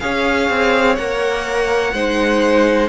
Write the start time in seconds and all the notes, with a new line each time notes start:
0.00 C#4 G#4 C#5 F5
0.50 C4
0.96 A#3 A#4 F#5
1.94 G#3 D#4 C5